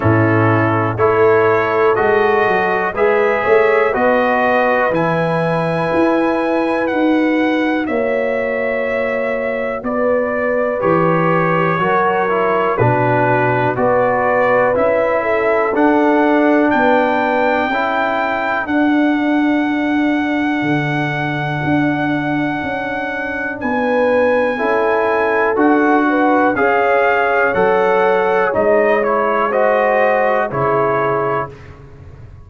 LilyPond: <<
  \new Staff \with { instrumentName = "trumpet" } { \time 4/4 \tempo 4 = 61 a'4 cis''4 dis''4 e''4 | dis''4 gis''2 fis''4 | e''2 d''4 cis''4~ | cis''4 b'4 d''4 e''4 |
fis''4 g''2 fis''4~ | fis''1 | gis''2 fis''4 f''4 | fis''4 dis''8 cis''8 dis''4 cis''4 | }
  \new Staff \with { instrumentName = "horn" } { \time 4/4 e'4 a'2 b'8 cis''8 | b'1 | cis''2 b'2 | ais'4 fis'4 b'4. a'8~ |
a'4 b'4 a'2~ | a'1 | b'4 a'4. b'8 cis''4~ | cis''2 c''4 gis'4 | }
  \new Staff \with { instrumentName = "trombone" } { \time 4/4 cis'4 e'4 fis'4 gis'4 | fis'4 e'2 fis'4~ | fis'2. g'4 | fis'8 e'8 d'4 fis'4 e'4 |
d'2 e'4 d'4~ | d'1~ | d'4 e'4 fis'4 gis'4 | a'4 dis'8 e'8 fis'4 e'4 | }
  \new Staff \with { instrumentName = "tuba" } { \time 4/4 a,4 a4 gis8 fis8 gis8 a8 | b4 e4 e'4 dis'4 | ais2 b4 e4 | fis4 b,4 b4 cis'4 |
d'4 b4 cis'4 d'4~ | d'4 d4 d'4 cis'4 | b4 cis'4 d'4 cis'4 | fis4 gis2 cis4 | }
>>